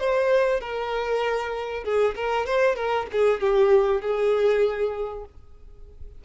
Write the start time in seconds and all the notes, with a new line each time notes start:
0.00 C5
0.61 A#4
1.84 G#4
2.16 A#4
2.46 C5
2.76 A#4
3.12 G#4
3.41 G4
4.01 G#4